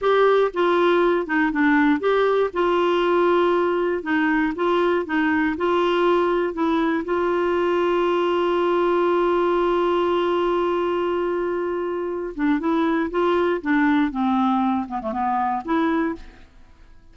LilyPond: \new Staff \with { instrumentName = "clarinet" } { \time 4/4 \tempo 4 = 119 g'4 f'4. dis'8 d'4 | g'4 f'2. | dis'4 f'4 dis'4 f'4~ | f'4 e'4 f'2~ |
f'1~ | f'1~ | f'8 d'8 e'4 f'4 d'4 | c'4. b16 a16 b4 e'4 | }